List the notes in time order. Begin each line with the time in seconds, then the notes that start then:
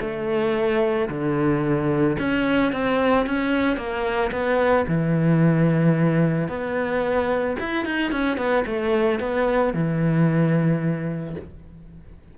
0.00 A3
1.09 D3
2.19 C#4
2.72 C4
3.26 C#4
3.76 A#3
4.31 B3
4.87 E3
6.48 B3
7.59 E4
7.85 D#4
8.11 C#4
8.37 B3
8.66 A3
9.19 B3
9.73 E3